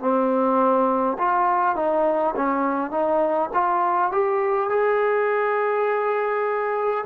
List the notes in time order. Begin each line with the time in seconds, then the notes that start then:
0.00 C4
1.19 F4
1.76 D#4
2.36 C#4
2.91 D#4
3.54 F4
4.12 G4
4.70 G#4